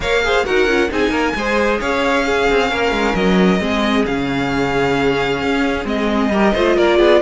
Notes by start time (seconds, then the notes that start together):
0.00 A#3 A#4 C#5 F5
0.23 G#4 C5
0.45 D#4 F#4 A#4 F#5
0.67 C#4 F4
0.89 C4 D#4 G#4 G#5
1.10 A#3 A#4
1.35 G#3 G#4 C5
1.80 C#4 C#5 F5
2.25 C#4 G#4
2.50 C4
2.71 A#3 A#4
2.91 G#3
3.15 F#3 D#5
3.59 G#3 C4 G#4
4.06 C#3 C#4 F5
5.42 C#4
5.84 G#3 C4 D#5
6.29 G3 G4 A#4
6.53 A3 F4 C5
6.76 A#3 A#4 D5
6.97 B3 G#4